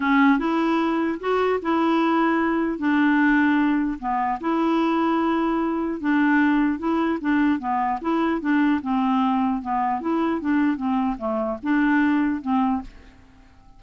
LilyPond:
\new Staff \with { instrumentName = "clarinet" } { \time 4/4 \tempo 4 = 150 cis'4 e'2 fis'4 | e'2. d'4~ | d'2 b4 e'4~ | e'2. d'4~ |
d'4 e'4 d'4 b4 | e'4 d'4 c'2 | b4 e'4 d'4 c'4 | a4 d'2 c'4 | }